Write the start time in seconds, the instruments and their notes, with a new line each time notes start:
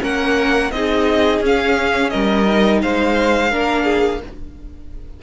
0.00 cello A#3, viola C#4, violin A#4 F#5
0.71 cello C4, viola D#4, violin G#4 D#5
1.40 cello C#4, viola C#4, violin F5
2.09 cello G3, violin A#4 D#5
2.46 viola D#4
2.82 cello G#3, violin C5 F5
3.50 cello A#3, viola D4, violin A#4
3.84 violin G#4